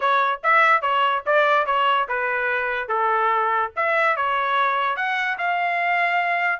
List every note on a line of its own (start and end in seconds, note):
0.00 0.40 C#5
0.43 0.81 E5
0.81 1.22 C#5
1.26 1.66 D5
1.66 2.07 C#5
2.08 2.88 B4
2.88 3.71 A4
3.75 4.16 E5
4.16 4.96 C#5
4.96 5.37 F#5
5.37 6.60 F5